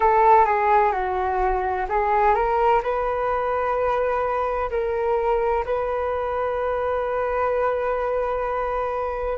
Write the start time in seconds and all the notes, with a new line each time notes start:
0.00 A4
0.45 G#4
0.92 F#4
1.88 G#4
2.34 A#4
2.82 B4
4.70 A#4
5.65 B4